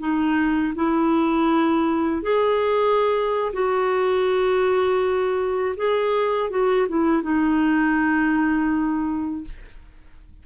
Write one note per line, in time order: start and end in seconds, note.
0.00 0.74 D#4
0.75 2.23 E4
2.23 3.53 G#4
3.53 5.75 F#4
5.77 6.51 G#4
6.51 6.88 F#4
6.89 7.23 E4
7.23 9.45 D#4